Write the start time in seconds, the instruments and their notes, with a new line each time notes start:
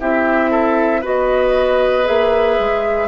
0.00 bassoon C4, clarinet E4, oboe G4, flute E5
0.51 oboe A4
1.01 bassoon B3, clarinet F#4, oboe B4, flute D#5
2.05 bassoon A#3, clarinet G#4, flute E5
2.59 bassoon G#3